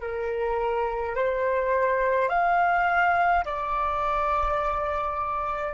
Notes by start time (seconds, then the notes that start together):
0.00 A#4
1.15 C5
2.29 F5
3.45 D5